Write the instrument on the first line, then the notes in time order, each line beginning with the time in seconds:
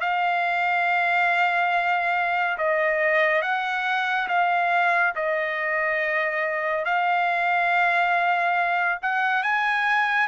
trumpet
0.00 F5
2.58 D#5
3.42 F#5
4.28 F5
5.15 D#5
6.85 F5
9.02 F#5
9.42 G#5